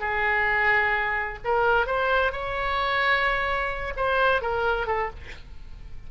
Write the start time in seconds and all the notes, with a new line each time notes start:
0.00 G#4
1.45 A#4
1.86 C5
2.32 C#5
3.96 C5
4.41 A#4
4.87 A4